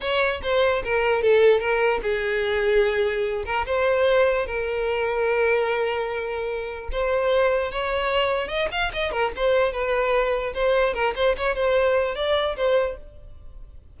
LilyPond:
\new Staff \with { instrumentName = "violin" } { \time 4/4 \tempo 4 = 148 cis''4 c''4 ais'4 a'4 | ais'4 gis'2.~ | gis'8 ais'8 c''2 ais'4~ | ais'1~ |
ais'4 c''2 cis''4~ | cis''4 dis''8 f''8 dis''8 ais'8 c''4 | b'2 c''4 ais'8 c''8 | cis''8 c''4. d''4 c''4 | }